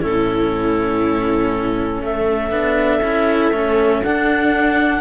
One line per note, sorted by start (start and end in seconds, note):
0.00 2.01 A2
0.00 2.51 C#4
0.00 2.00 E4
0.00 2.03 A4
2.01 2.51 A3
2.01 5.01 A4
2.01 4.04 E5
2.51 3.01 B3
2.51 3.01 D4
3.01 3.51 C#4
3.01 3.53 E4
3.51 4.01 A3
3.51 4.03 C#4
4.03 5.01 D4
4.03 5.01 F#5